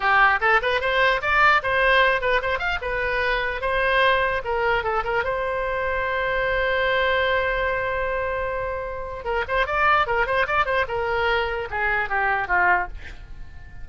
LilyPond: \new Staff \with { instrumentName = "oboe" } { \time 4/4 \tempo 4 = 149 g'4 a'8 b'8 c''4 d''4 | c''4. b'8 c''8 f''8 b'4~ | b'4 c''2 ais'4 | a'8 ais'8 c''2.~ |
c''1~ | c''2. ais'8 c''8 | d''4 ais'8 c''8 d''8 c''8 ais'4~ | ais'4 gis'4 g'4 f'4 | }